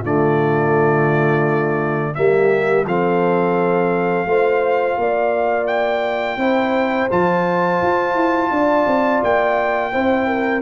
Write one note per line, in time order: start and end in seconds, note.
0.00 2.15 D3
0.00 2.14 A3
0.00 2.12 F4
0.00 2.14 D5
2.14 2.84 G3
2.14 2.85 A#3
2.14 2.87 G4
2.14 2.85 E5
2.84 4.25 F3
2.84 4.26 C4
2.84 4.27 A4
2.84 5.67 F5
4.25 4.96 A3
4.25 6.38 F4
4.25 4.98 C5
4.97 6.36 A#3
4.97 6.38 D5
5.67 7.08 G5
6.36 7.07 C4
6.36 7.09 E4
6.36 8.50 C5
7.10 7.81 F3
7.10 9.92 F4
7.10 9.23 A5
7.82 8.14 F4
8.14 8.49 E4
8.50 8.85 D4
8.50 9.92 D5
8.86 9.21 C4
9.23 9.93 A#3
9.23 10.61 G5
9.92 10.61 C4
9.92 10.61 E4
9.92 10.26 C5
10.26 10.61 A#4